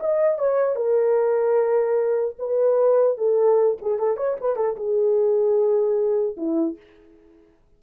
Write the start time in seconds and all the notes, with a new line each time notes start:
0.00 D#5
0.38 C#5
0.76 A#4
2.39 B4
3.17 A4
3.81 G#4
3.99 A4
4.17 C#5
4.40 B4
4.56 A4
4.76 G#4
6.37 E4